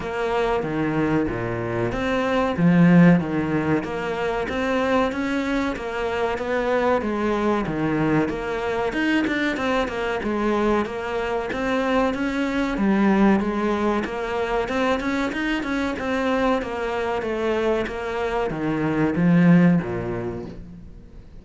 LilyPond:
\new Staff \with { instrumentName = "cello" } { \time 4/4 \tempo 4 = 94 ais4 dis4 ais,4 c'4 | f4 dis4 ais4 c'4 | cis'4 ais4 b4 gis4 | dis4 ais4 dis'8 d'8 c'8 ais8 |
gis4 ais4 c'4 cis'4 | g4 gis4 ais4 c'8 cis'8 | dis'8 cis'8 c'4 ais4 a4 | ais4 dis4 f4 ais,4 | }